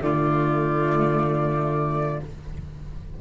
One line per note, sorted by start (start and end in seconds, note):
0.00 2.18 D3
0.00 2.19 A3
0.00 2.21 F4
0.00 2.20 D5